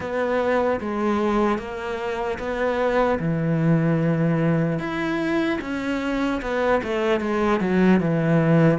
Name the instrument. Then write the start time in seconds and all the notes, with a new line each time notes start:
cello
0.00 B3
0.80 G#3
1.58 A#3
2.39 B3
3.19 E3
4.79 E4
5.61 C#4
6.41 B3
6.83 A3
7.20 G#3
7.60 F#3
8.00 E3